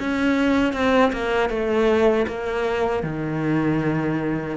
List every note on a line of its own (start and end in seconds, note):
0.00 0.74 C#4
0.74 1.12 C4
1.13 1.50 A#3
1.50 2.27 A3
2.28 3.03 A#3
3.03 4.57 D#3